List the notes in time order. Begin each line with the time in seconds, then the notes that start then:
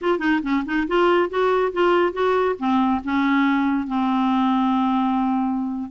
0.01 F4
0.19 D#4
0.42 C#4
0.65 D#4
0.87 F4
1.29 F#4
1.72 F4
2.12 F#4
2.59 C4
3.04 C#4
3.87 C4